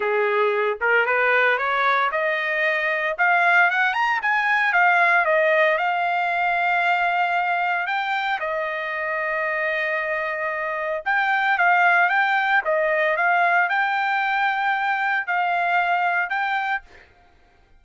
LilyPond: \new Staff \with { instrumentName = "trumpet" } { \time 4/4 \tempo 4 = 114 gis'4. ais'8 b'4 cis''4 | dis''2 f''4 fis''8 ais''8 | gis''4 f''4 dis''4 f''4~ | f''2. g''4 |
dis''1~ | dis''4 g''4 f''4 g''4 | dis''4 f''4 g''2~ | g''4 f''2 g''4 | }